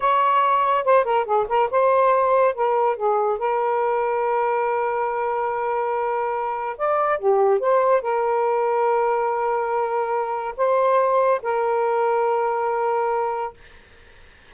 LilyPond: \new Staff \with { instrumentName = "saxophone" } { \time 4/4 \tempo 4 = 142 cis''2 c''8 ais'8 gis'8 ais'8 | c''2 ais'4 gis'4 | ais'1~ | ais'1 |
d''4 g'4 c''4 ais'4~ | ais'1~ | ais'4 c''2 ais'4~ | ais'1 | }